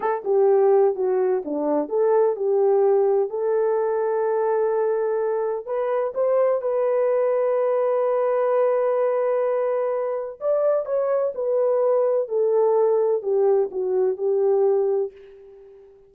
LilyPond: \new Staff \with { instrumentName = "horn" } { \time 4/4 \tempo 4 = 127 a'8 g'4. fis'4 d'4 | a'4 g'2 a'4~ | a'1 | b'4 c''4 b'2~ |
b'1~ | b'2 d''4 cis''4 | b'2 a'2 | g'4 fis'4 g'2 | }